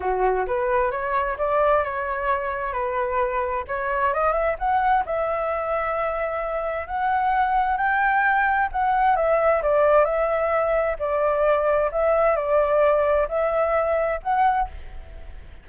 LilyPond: \new Staff \with { instrumentName = "flute" } { \time 4/4 \tempo 4 = 131 fis'4 b'4 cis''4 d''4 | cis''2 b'2 | cis''4 dis''8 e''8 fis''4 e''4~ | e''2. fis''4~ |
fis''4 g''2 fis''4 | e''4 d''4 e''2 | d''2 e''4 d''4~ | d''4 e''2 fis''4 | }